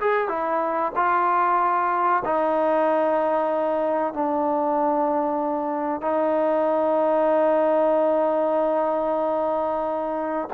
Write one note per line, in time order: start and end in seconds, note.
0.00 0.28 G#4
0.28 0.92 E4
0.95 2.23 F4
2.25 4.14 D#4
4.14 6.01 D4
6.01 10.48 D#4